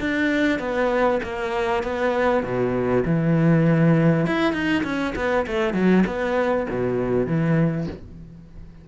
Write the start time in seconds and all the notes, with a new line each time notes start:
0.00 D4
0.60 B3
1.23 A#3
1.83 B3
2.44 B2
3.06 E3
4.26 E4
4.53 D#4
4.84 C#4
5.16 B3
5.47 A3
5.74 F#3
6.06 B3
6.70 B2
7.27 E3